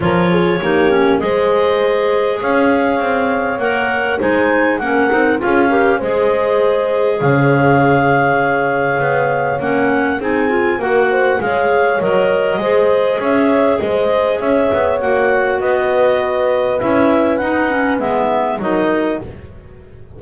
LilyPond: <<
  \new Staff \with { instrumentName = "clarinet" } { \time 4/4 \tempo 4 = 100 cis''2 dis''2 | f''2 fis''4 gis''4 | fis''4 f''4 dis''2 | f''1 |
fis''4 gis''4 fis''4 f''4 | dis''2 e''4 dis''4 | e''4 fis''4 dis''2 | e''4 fis''4 e''4 dis''4 | }
  \new Staff \with { instrumentName = "horn" } { \time 4/4 ais'8 gis'8 g'4 c''2 | cis''2. c''4 | ais'4 gis'8 ais'8 c''2 | cis''1~ |
cis''4 gis'4 ais'8 c''8 cis''4~ | cis''4 c''4 cis''4 c''4 | cis''2 b'2~ | b'2. ais'4 | }
  \new Staff \with { instrumentName = "clarinet" } { \time 4/4 f'4 dis'8 cis'8 gis'2~ | gis'2 ais'4 dis'4 | cis'8 dis'8 f'8 g'8 gis'2~ | gis'1 |
cis'4 dis'8 f'8 fis'4 gis'4 | ais'4 gis'2.~ | gis'4 fis'2. | e'4 dis'8 cis'8 b4 dis'4 | }
  \new Staff \with { instrumentName = "double bass" } { \time 4/4 f4 ais4 gis2 | cis'4 c'4 ais4 gis4 | ais8 c'8 cis'4 gis2 | cis2. b4 |
ais4 c'4 ais4 gis4 | fis4 gis4 cis'4 gis4 | cis'8 b8 ais4 b2 | cis'4 dis'4 gis4 fis4 | }
>>